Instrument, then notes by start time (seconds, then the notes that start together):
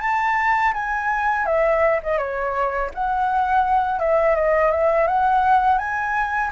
flute
0.00 A5
0.73 G#5
1.45 E5
2.03 D#5
2.18 C#5
2.94 F#5
3.99 E5
4.35 D#5
4.71 E5
5.07 F#5
5.78 G#5